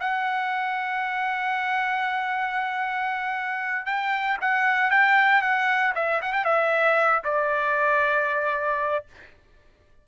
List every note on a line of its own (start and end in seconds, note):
0.00 3.86 F#5
3.86 4.38 G5
4.41 4.91 F#5
4.91 5.42 G5
5.42 5.94 F#5
5.95 6.21 E5
6.22 6.33 F#5
6.33 6.45 G5
6.45 7.22 E5
7.25 9.06 D5